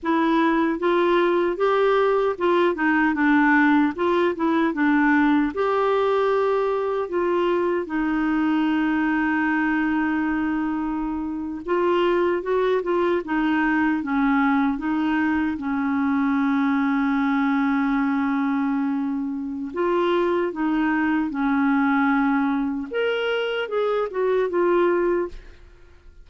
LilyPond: \new Staff \with { instrumentName = "clarinet" } { \time 4/4 \tempo 4 = 76 e'4 f'4 g'4 f'8 dis'8 | d'4 f'8 e'8 d'4 g'4~ | g'4 f'4 dis'2~ | dis'2~ dis'8. f'4 fis'16~ |
fis'16 f'8 dis'4 cis'4 dis'4 cis'16~ | cis'1~ | cis'4 f'4 dis'4 cis'4~ | cis'4 ais'4 gis'8 fis'8 f'4 | }